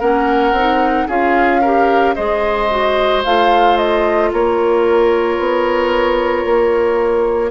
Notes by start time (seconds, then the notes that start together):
0.00 A#3 C#4 A#4 F#5
0.52 C4 D#4
1.08 C#4 F4 G#4 F5
1.61 G4 A#4
2.15 G#3 G#4 C5 D#5
2.70 F#4
3.24 A3 F4 F5
3.77 D#5
4.33 A#3 A#4 C#5
5.39 B3
6.44 A#3